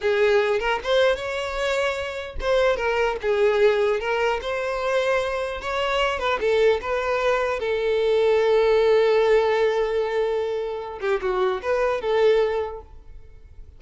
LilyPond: \new Staff \with { instrumentName = "violin" } { \time 4/4 \tempo 4 = 150 gis'4. ais'8 c''4 cis''4~ | cis''2 c''4 ais'4 | gis'2 ais'4 c''4~ | c''2 cis''4. b'8 |
a'4 b'2 a'4~ | a'1~ | a'2.~ a'8 g'8 | fis'4 b'4 a'2 | }